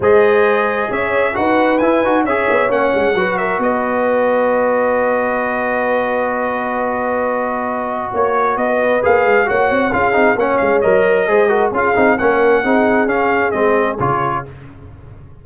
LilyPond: <<
  \new Staff \with { instrumentName = "trumpet" } { \time 4/4 \tempo 4 = 133 dis''2 e''4 fis''4 | gis''4 e''4 fis''4. e''8 | dis''1~ | dis''1~ |
dis''2 cis''4 dis''4 | f''4 fis''4 f''4 fis''8 f''8 | dis''2 f''4 fis''4~ | fis''4 f''4 dis''4 cis''4 | }
  \new Staff \with { instrumentName = "horn" } { \time 4/4 c''2 cis''4 b'4~ | b'4 cis''2 b'8 ais'8 | b'1~ | b'1~ |
b'2 cis''4 b'4~ | b'4 cis''4 gis'4 cis''4~ | cis''4 c''8 ais'8 gis'4 ais'4 | gis'1 | }
  \new Staff \with { instrumentName = "trombone" } { \time 4/4 gis'2. fis'4 | e'8 fis'8 gis'4 cis'4 fis'4~ | fis'1~ | fis'1~ |
fis'1 | gis'4 fis'4 f'8 dis'8 cis'4 | ais'4 gis'8 fis'8 f'8 dis'8 cis'4 | dis'4 cis'4 c'4 f'4 | }
  \new Staff \with { instrumentName = "tuba" } { \time 4/4 gis2 cis'4 dis'4 | e'8 dis'8 cis'8 b8 ais8 gis8 fis4 | b1~ | b1~ |
b2 ais4 b4 | ais8 gis8 ais8 c'8 cis'8 c'8 ais8 gis8 | fis4 gis4 cis'8 c'8 ais4 | c'4 cis'4 gis4 cis4 | }
>>